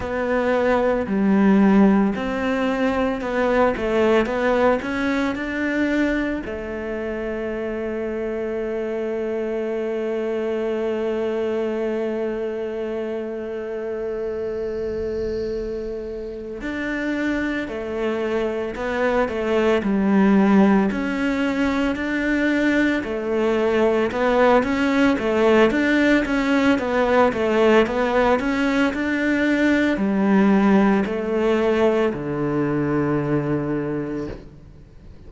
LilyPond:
\new Staff \with { instrumentName = "cello" } { \time 4/4 \tempo 4 = 56 b4 g4 c'4 b8 a8 | b8 cis'8 d'4 a2~ | a1~ | a2.~ a8 d'8~ |
d'8 a4 b8 a8 g4 cis'8~ | cis'8 d'4 a4 b8 cis'8 a8 | d'8 cis'8 b8 a8 b8 cis'8 d'4 | g4 a4 d2 | }